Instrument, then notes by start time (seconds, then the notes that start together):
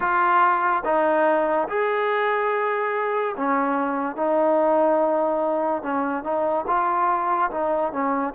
trombone
0.00 F4
0.84 D#4
1.68 G#4
3.36 C#4
4.16 D#4
5.82 C#4
6.23 D#4
6.67 F4
7.50 D#4
7.92 C#4